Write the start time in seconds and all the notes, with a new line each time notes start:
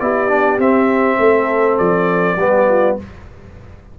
0.00 B3 E4 G4 D5
0.28 D4
0.59 C4 E5
1.18 A3 A4
1.78 F3 D5
2.36 G3 B3 G4
2.68 F4